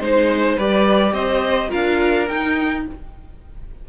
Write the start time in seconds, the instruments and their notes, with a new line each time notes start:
0.00 cello G#3, viola D#4, violin C5
0.56 cello G3, viola G4, violin B4 D5
1.13 cello C4, violin C5 D#5
1.69 cello D4, viola F4, violin A#4 F5
2.28 cello D#4, viola D#4, violin G5